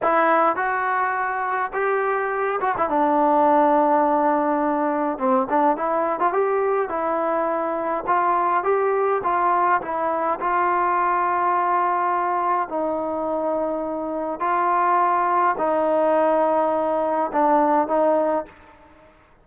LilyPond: \new Staff \with { instrumentName = "trombone" } { \time 4/4 \tempo 4 = 104 e'4 fis'2 g'4~ | g'8 fis'16 e'16 d'2.~ | d'4 c'8 d'8 e'8. f'16 g'4 | e'2 f'4 g'4 |
f'4 e'4 f'2~ | f'2 dis'2~ | dis'4 f'2 dis'4~ | dis'2 d'4 dis'4 | }